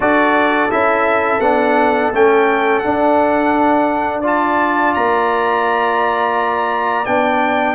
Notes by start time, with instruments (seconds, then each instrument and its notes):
0.00 tuba D4, trombone F#4, horn A4, trumpet D5
0.70 tuba C#4, trombone E4, trumpet E5
1.39 tuba B3, trombone D4, trumpet F#5
2.11 tuba A3, trombone C#4, trumpet G5
2.79 trombone D4, tuba D4, trumpet F#5
4.20 trombone F4, horn D5, trumpet A5
4.94 tuba A#3, trumpet A#5
7.05 tuba B3, trombone D4, trumpet G5